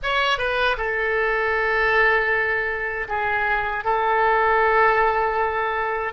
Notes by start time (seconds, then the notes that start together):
0.02 C#5
0.37 B4
0.77 A4
3.08 G#4
3.84 A4